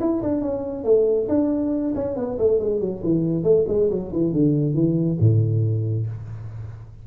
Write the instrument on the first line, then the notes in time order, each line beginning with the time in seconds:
tuba
0.00 E4
0.22 D4
0.41 C#4
0.84 A3
1.28 D4
1.95 C#4
2.16 B3
2.38 A3
2.59 G#3
2.80 F#3
3.04 E3
3.43 A3
3.68 G#3
3.90 F#3
4.13 E3
4.33 D3
4.74 E3
5.20 A2